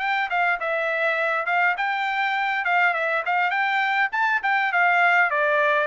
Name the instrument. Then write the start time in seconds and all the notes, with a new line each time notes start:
trumpet
0.00 G5
0.30 F5
0.60 E5
1.46 F5
1.78 G5
2.65 F5
2.94 E5
3.26 F5
3.51 G5
4.12 A5
4.43 G5
4.72 F5
5.30 D5